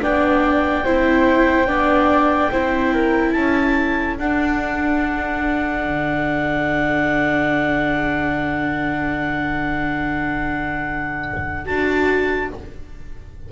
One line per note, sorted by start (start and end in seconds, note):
0.00 0.85 B3
0.00 0.83 D4
0.00 0.84 D5
0.00 3.32 G5
0.84 1.67 C4
0.84 1.68 E4
0.84 1.68 C5
1.67 2.50 B3
1.67 2.51 D4
1.67 2.51 D5
2.52 3.35 C4
2.52 4.18 E4
2.52 2.93 C5
2.93 3.34 A#4
3.32 4.18 C#4
3.32 12.51 A4
3.32 4.15 A5
4.18 5.85 D4
4.18 11.65 D4
4.18 11.66 F#5
5.85 11.68 D3
11.65 12.52 D4
11.65 12.49 F#4
11.65 12.50 A5